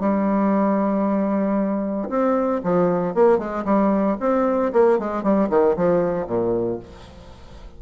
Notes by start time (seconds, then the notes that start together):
0.00 G3
2.09 C4
2.63 F3
3.14 A#3
3.38 G#3
3.65 G3
4.20 C4
4.72 A#3
4.99 G#3
5.23 G3
5.49 D#3
5.76 F3
6.27 A#2